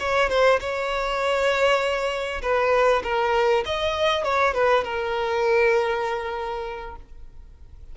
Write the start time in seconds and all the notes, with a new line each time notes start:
0.00 C#5
0.29 C5
0.60 C#5
2.42 B4
3.04 A#4
3.66 D#5
4.25 C#5
4.54 B4
4.84 A#4